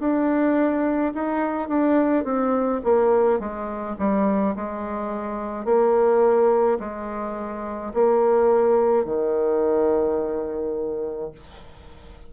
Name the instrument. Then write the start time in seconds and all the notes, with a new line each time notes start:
bassoon
0.00 D4
1.14 D#4
1.68 D4
2.24 C4
2.84 A#3
3.40 G#3
3.99 G3
4.56 G#3
5.65 A#3
6.79 G#3
7.94 A#3
9.05 D#3